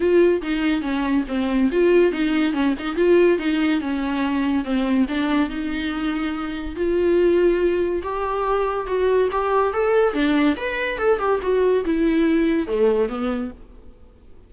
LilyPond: \new Staff \with { instrumentName = "viola" } { \time 4/4 \tempo 4 = 142 f'4 dis'4 cis'4 c'4 | f'4 dis'4 cis'8 dis'8 f'4 | dis'4 cis'2 c'4 | d'4 dis'2. |
f'2. g'4~ | g'4 fis'4 g'4 a'4 | d'4 b'4 a'8 g'8 fis'4 | e'2 a4 b4 | }